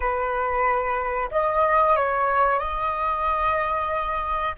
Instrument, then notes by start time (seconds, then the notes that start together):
flute
0.00 B4
1.31 D#5
1.96 C#5
2.59 D#5